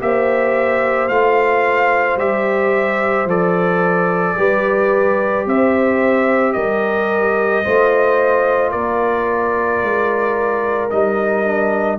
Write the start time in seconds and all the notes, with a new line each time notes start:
0.00 A#3 G4 C5 E5
1.09 A3 F4 F5
2.17 G3 G4 E5
3.25 F3 A4 D5
4.37 G3 G4 B4
5.46 C4 C5 E5
6.53 G3 A#4 D#5
7.64 A3 F4 C5
8.71 A#3 A#4 D5
9.83 G#3
10.90 G3 D#4 D#5
11.45 D4